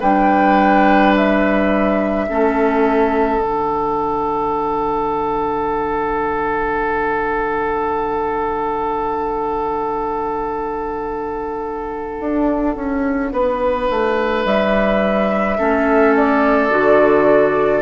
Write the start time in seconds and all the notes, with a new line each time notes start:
0.00 G3 D4 B4 G5
1.17 E5
2.29 A3 C#4 A4
3.39 D3 D4 F#5
12.21 D4
12.76 C#4
13.32 B3 B4
13.91 A3
14.45 G3 E5
15.58 A3 C#4 A4
16.16 D5
16.70 D3 F#4